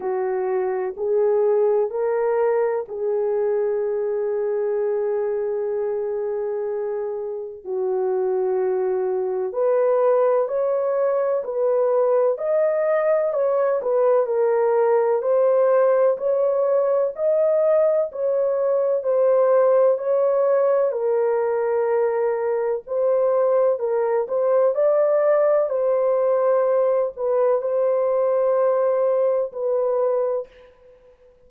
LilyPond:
\new Staff \with { instrumentName = "horn" } { \time 4/4 \tempo 4 = 63 fis'4 gis'4 ais'4 gis'4~ | gis'1 | fis'2 b'4 cis''4 | b'4 dis''4 cis''8 b'8 ais'4 |
c''4 cis''4 dis''4 cis''4 | c''4 cis''4 ais'2 | c''4 ais'8 c''8 d''4 c''4~ | c''8 b'8 c''2 b'4 | }